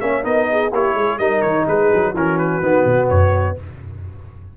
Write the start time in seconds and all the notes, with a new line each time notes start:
0.00 A#3 C#4 C#5 E5
0.23 B3 D#4 A#4 D#5
0.50 G#4
0.72 A#3 E4 G4 C#5
0.94 G#3 G#4
1.18 G3 D#4 A#4 D#5
1.41 D#3 C#5
1.67 G#3 G#4 B4
1.93 F#3
2.13 E3 C#4 F#4 A#4
2.38 B4
2.61 D#3 B3
2.85 B2
3.09 F#2 C#5